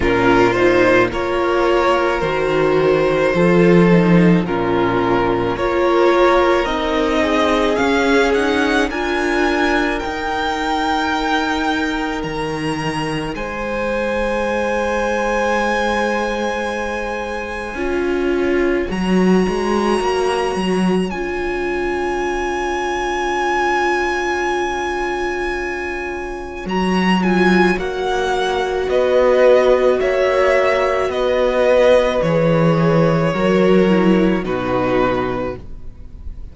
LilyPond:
<<
  \new Staff \with { instrumentName = "violin" } { \time 4/4 \tempo 4 = 54 ais'8 c''8 cis''4 c''2 | ais'4 cis''4 dis''4 f''8 fis''8 | gis''4 g''2 ais''4 | gis''1~ |
gis''4 ais''2 gis''4~ | gis''1 | ais''8 gis''8 fis''4 dis''4 e''4 | dis''4 cis''2 b'4 | }
  \new Staff \with { instrumentName = "violin" } { \time 4/4 f'4 ais'2 a'4 | f'4 ais'4. gis'4. | ais'1 | c''1 |
cis''1~ | cis''1~ | cis''2 b'4 cis''4 | b'2 ais'4 fis'4 | }
  \new Staff \with { instrumentName = "viola" } { \time 4/4 cis'8 dis'8 f'4 fis'4 f'8 dis'8 | cis'4 f'4 dis'4 cis'8 dis'8 | f'4 dis'2.~ | dis'1 |
f'4 fis'2 f'4~ | f'1 | fis'8 f'8 fis'2.~ | fis'4 gis'4 fis'8 e'8 dis'4 | }
  \new Staff \with { instrumentName = "cello" } { \time 4/4 ais,4 ais4 dis4 f4 | ais,4 ais4 c'4 cis'4 | d'4 dis'2 dis4 | gis1 |
cis'4 fis8 gis8 ais8 fis8 cis'4~ | cis'1 | fis4 ais4 b4 ais4 | b4 e4 fis4 b,4 | }
>>